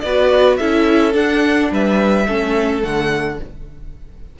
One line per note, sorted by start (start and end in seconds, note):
0.00 0.59 B3
0.00 0.58 B4
0.00 0.56 D5
0.06 0.60 F#4
0.56 1.14 C#4
0.56 1.12 E4
0.56 1.70 A4
0.56 1.12 E5
1.12 2.25 D4
1.12 1.70 D4
1.12 1.71 F#5
1.71 2.27 G3
1.71 2.27 B4
1.71 2.83 E5
2.27 2.83 A3
2.27 2.82 C#4
2.27 3.39 A4
2.82 3.39 D3
2.82 3.38 A3
2.82 3.39 F#5